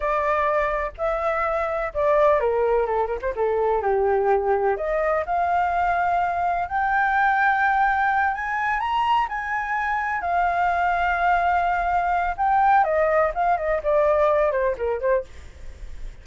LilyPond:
\new Staff \with { instrumentName = "flute" } { \time 4/4 \tempo 4 = 126 d''2 e''2 | d''4 ais'4 a'8 ais'16 c''16 a'4 | g'2 dis''4 f''4~ | f''2 g''2~ |
g''4. gis''4 ais''4 gis''8~ | gis''4. f''2~ f''8~ | f''2 g''4 dis''4 | f''8 dis''8 d''4. c''8 ais'8 c''8 | }